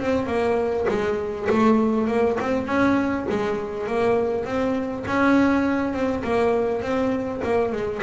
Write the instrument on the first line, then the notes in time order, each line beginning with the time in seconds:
double bass
0.00 C4
0.27 A#3
0.89 G#3
1.50 A3
2.08 A#3
2.40 C4
2.67 C#4
3.30 G#3
3.87 A#3
4.45 C4
5.07 C#4
5.94 C4
6.24 A#3
6.82 C4
7.44 A#3
7.72 G#3